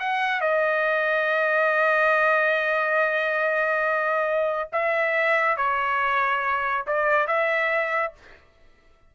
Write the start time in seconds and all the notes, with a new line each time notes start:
0.00 F#5
0.41 D#5
4.72 E5
5.57 C#5
6.87 D5
7.28 E5